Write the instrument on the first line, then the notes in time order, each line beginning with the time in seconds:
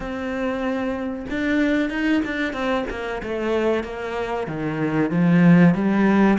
cello
0.00 C4
1.29 D4
1.89 D#4
2.24 D4
2.53 C4
2.90 A#3
3.22 A3
3.83 A#3
4.47 D#3
5.11 F3
5.74 G3